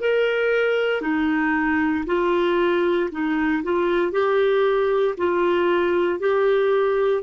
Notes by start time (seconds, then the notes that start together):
0.00 A#4
1.02 D#4
2.06 F4
3.12 D#4
3.64 F4
4.12 G4
5.18 F4
6.20 G4